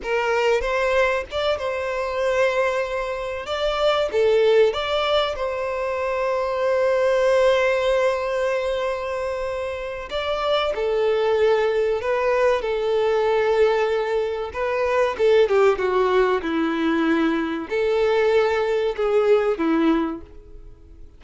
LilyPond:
\new Staff \with { instrumentName = "violin" } { \time 4/4 \tempo 4 = 95 ais'4 c''4 d''8 c''4.~ | c''4. d''4 a'4 d''8~ | d''8 c''2.~ c''8~ | c''1 |
d''4 a'2 b'4 | a'2. b'4 | a'8 g'8 fis'4 e'2 | a'2 gis'4 e'4 | }